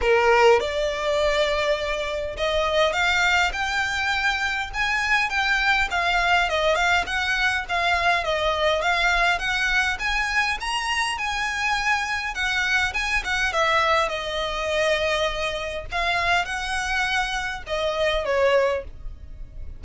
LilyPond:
\new Staff \with { instrumentName = "violin" } { \time 4/4 \tempo 4 = 102 ais'4 d''2. | dis''4 f''4 g''2 | gis''4 g''4 f''4 dis''8 f''8 | fis''4 f''4 dis''4 f''4 |
fis''4 gis''4 ais''4 gis''4~ | gis''4 fis''4 gis''8 fis''8 e''4 | dis''2. f''4 | fis''2 dis''4 cis''4 | }